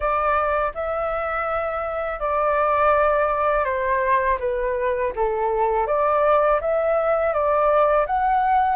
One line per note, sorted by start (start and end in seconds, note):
0.00 0.72 D5
0.74 2.19 E5
2.19 3.65 D5
3.65 4.38 C5
4.39 5.13 B4
5.15 5.86 A4
5.86 6.60 D5
6.61 7.33 E5
7.33 8.06 D5
8.06 8.75 F#5